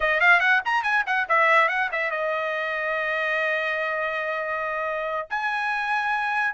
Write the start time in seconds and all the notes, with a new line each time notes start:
0.00 D#5
0.20 F5
0.40 F#5
0.65 A#5
0.83 G#5
1.06 F#5
1.28 E5
1.68 F#5
1.91 E5
2.10 D#5
5.30 G#5